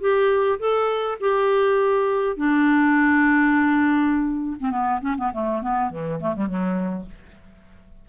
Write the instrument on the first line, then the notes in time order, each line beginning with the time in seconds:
clarinet
0.00 G4
0.59 A4
1.20 G4
2.36 D4
4.60 C4
4.70 B3
5.01 C#4
5.17 B3
5.33 A3
5.61 B3
5.90 E3
6.20 A3
6.35 G3
6.47 F#3